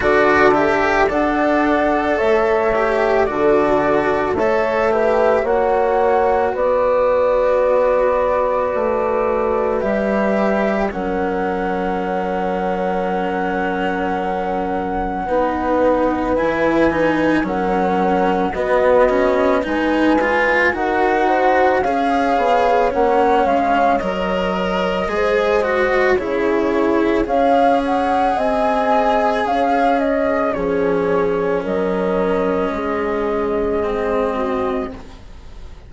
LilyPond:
<<
  \new Staff \with { instrumentName = "flute" } { \time 4/4 \tempo 4 = 55 d''8 e''8 fis''4 e''4 d''4 | e''4 fis''4 d''2~ | d''4 e''4 fis''2~ | fis''2. gis''4 |
fis''4 dis''4 gis''4 fis''4 | f''4 fis''8 f''8 dis''2 | cis''4 f''8 fis''8 gis''4 f''8 dis''8 | cis''4 dis''2. | }
  \new Staff \with { instrumentName = "horn" } { \time 4/4 a'4 d''4 cis''4 a'4 | cis''8 b'8 cis''4 b'2~ | b'2 ais'2~ | ais'2 b'2 |
ais'4 fis'4 b'4 ais'8 c''8 | cis''2. c''4 | gis'4 cis''4 dis''4 cis''4 | gis'4 ais'4 gis'4. fis'8 | }
  \new Staff \with { instrumentName = "cello" } { \time 4/4 fis'8 g'8 a'4. g'8 fis'4 | a'8 g'8 fis'2.~ | fis'4 g'4 cis'2~ | cis'2 dis'4 e'8 dis'8 |
cis'4 b8 cis'8 dis'8 f'8 fis'4 | gis'4 cis'4 ais'4 gis'8 fis'8 | e'4 gis'2. | cis'2. c'4 | }
  \new Staff \with { instrumentName = "bassoon" } { \time 4/4 d4 d'4 a4 d4 | a4 ais4 b2 | a4 g4 fis2~ | fis2 b4 e4 |
fis4 b4 gis4 dis'4 | cis'8 b8 ais8 gis8 fis4 gis4 | cis4 cis'4 c'4 cis'4 | f4 fis4 gis2 | }
>>